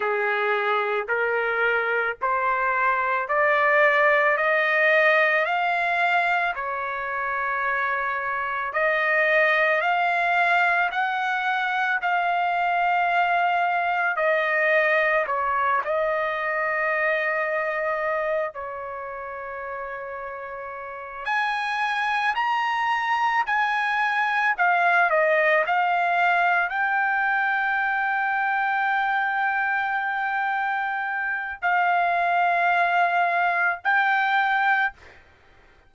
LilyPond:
\new Staff \with { instrumentName = "trumpet" } { \time 4/4 \tempo 4 = 55 gis'4 ais'4 c''4 d''4 | dis''4 f''4 cis''2 | dis''4 f''4 fis''4 f''4~ | f''4 dis''4 cis''8 dis''4.~ |
dis''4 cis''2~ cis''8 gis''8~ | gis''8 ais''4 gis''4 f''8 dis''8 f''8~ | f''8 g''2.~ g''8~ | g''4 f''2 g''4 | }